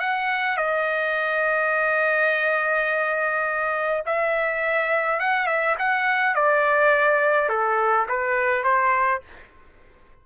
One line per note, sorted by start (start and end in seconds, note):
0.00 0.57 F#5
0.57 4.04 D#5
4.06 5.20 E5
5.20 5.47 F#5
5.47 5.76 E5
5.79 6.35 F#5
6.35 7.49 D5
7.49 8.07 A4
8.09 8.64 B4
8.64 9.22 C5